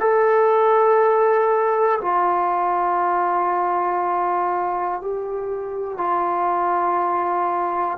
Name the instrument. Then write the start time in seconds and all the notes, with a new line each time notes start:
trombone
0.00 A4
2.01 F4
5.01 G4
5.98 F4